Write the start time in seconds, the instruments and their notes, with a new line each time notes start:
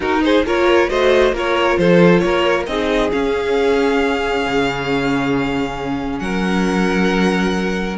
0.00 cello D#4, viola D#4, violin F#4 A#4
0.23 violin G#4 C5
0.44 cello A#3, viola F4, violin A#4 C#5
0.89 cello A3, viola F#4, violin C5 D#5
1.32 cello A#3, viola F4, violin A#4 C#5
1.77 cello F3, violin A4 C5
2.19 cello A#3, violin A#4 C#5
2.66 cello C4, viola D#4, violin G#4 D#5
3.11 viola C#4, cello C#4, violin F5
4.46 cello C#3
6.19 cello F#3, violin A#4 F#5